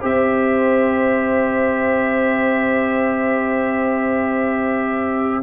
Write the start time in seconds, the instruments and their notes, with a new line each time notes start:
0.00 tuba C4, trombone G4, horn C5, trumpet E5